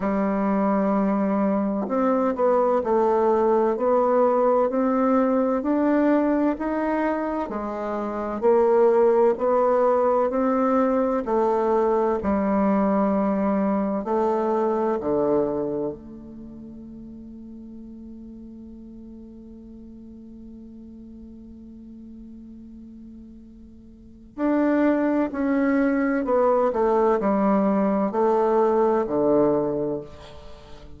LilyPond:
\new Staff \with { instrumentName = "bassoon" } { \time 4/4 \tempo 4 = 64 g2 c'8 b8 a4 | b4 c'4 d'4 dis'4 | gis4 ais4 b4 c'4 | a4 g2 a4 |
d4 a2.~ | a1~ | a2 d'4 cis'4 | b8 a8 g4 a4 d4 | }